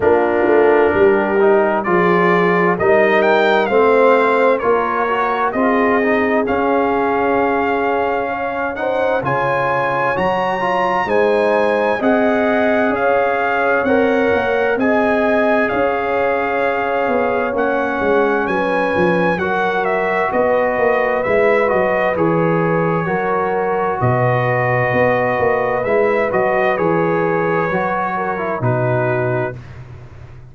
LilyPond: <<
  \new Staff \with { instrumentName = "trumpet" } { \time 4/4 \tempo 4 = 65 ais'2 d''4 dis''8 g''8 | f''4 cis''4 dis''4 f''4~ | f''4. fis''8 gis''4 ais''4 | gis''4 fis''4 f''4 fis''4 |
gis''4 f''2 fis''4 | gis''4 fis''8 e''8 dis''4 e''8 dis''8 | cis''2 dis''2 | e''8 dis''8 cis''2 b'4 | }
  \new Staff \with { instrumentName = "horn" } { \time 4/4 f'4 g'4 gis'4 ais'4 | c''4 ais'4 gis'2~ | gis'4 cis''8 c''8 cis''2 | c''4 dis''4 cis''2 |
dis''4 cis''2. | b'4 ais'4 b'2~ | b'4 ais'4 b'2~ | b'2~ b'8 ais'8 fis'4 | }
  \new Staff \with { instrumentName = "trombone" } { \time 4/4 d'4. dis'8 f'4 dis'4 | c'4 f'8 fis'8 f'8 dis'8 cis'4~ | cis'4. dis'8 f'4 fis'8 f'8 | dis'4 gis'2 ais'4 |
gis'2. cis'4~ | cis'4 fis'2 e'8 fis'8 | gis'4 fis'2. | e'8 fis'8 gis'4 fis'8. e'16 dis'4 | }
  \new Staff \with { instrumentName = "tuba" } { \time 4/4 ais8 a8 g4 f4 g4 | a4 ais4 c'4 cis'4~ | cis'2 cis4 fis4 | gis4 c'4 cis'4 c'8 ais8 |
c'4 cis'4. b8 ais8 gis8 | fis8 f8 fis4 b8 ais8 gis8 fis8 | e4 fis4 b,4 b8 ais8 | gis8 fis8 e4 fis4 b,4 | }
>>